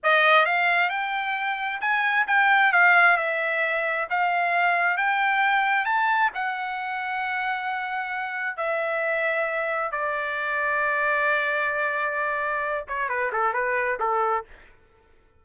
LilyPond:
\new Staff \with { instrumentName = "trumpet" } { \time 4/4 \tempo 4 = 133 dis''4 f''4 g''2 | gis''4 g''4 f''4 e''4~ | e''4 f''2 g''4~ | g''4 a''4 fis''2~ |
fis''2. e''4~ | e''2 d''2~ | d''1~ | d''8 cis''8 b'8 a'8 b'4 a'4 | }